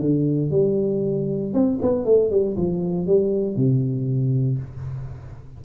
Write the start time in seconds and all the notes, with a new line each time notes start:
0.00 D3
0.51 G3
1.53 C4
1.82 B3
2.05 A3
2.31 G3
2.57 F3
3.07 G3
3.56 C3